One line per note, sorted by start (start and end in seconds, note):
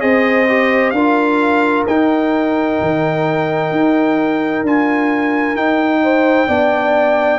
0.00 0.93 C4
0.00 0.46 G#4
0.00 0.95 C5
0.00 0.91 D#5
0.49 0.95 G4
0.91 1.85 D4
0.91 1.87 F4
0.91 6.03 A#4
0.91 1.83 F5
1.87 2.80 D#4
1.87 4.66 D#4
1.87 4.65 G5
2.81 3.71 D#3
3.71 4.63 D#4
4.63 5.55 D4
4.63 5.57 F4
4.63 5.57 G#5
5.56 6.48 D#4
5.56 7.39 G5
6.03 6.48 C5
6.48 7.39 B3
6.48 7.39 D4
6.48 7.39 D5